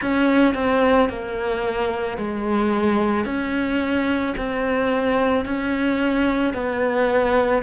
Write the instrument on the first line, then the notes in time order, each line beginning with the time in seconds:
cello
0.01 C#4
0.54 C4
1.09 A#3
2.17 G#3
3.25 C#4
4.37 C4
5.45 C#4
6.53 B3